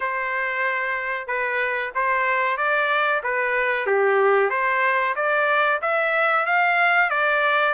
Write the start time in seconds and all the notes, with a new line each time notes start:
0.00 C5
1.27 B4
1.94 C5
2.57 D5
3.23 B4
3.86 G4
4.50 C5
5.15 D5
5.81 E5
6.45 F5
7.09 D5